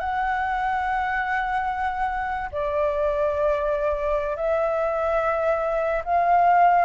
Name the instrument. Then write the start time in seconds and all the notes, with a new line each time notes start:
flute
0.00 F#5
2.52 D5
4.36 E5
6.05 F5